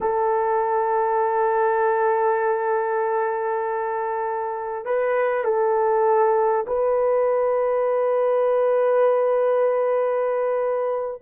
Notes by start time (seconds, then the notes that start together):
0.00 A4
4.85 B4
5.44 A4
6.66 B4